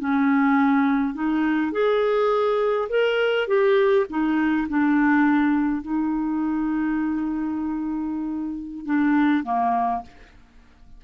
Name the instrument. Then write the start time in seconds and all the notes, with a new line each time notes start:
clarinet
0.00 C#4
1.14 D#4
1.72 G#4
2.90 A#4
3.48 G4
4.10 D#4
4.69 D4
5.83 D#4
8.86 D4
9.44 A#3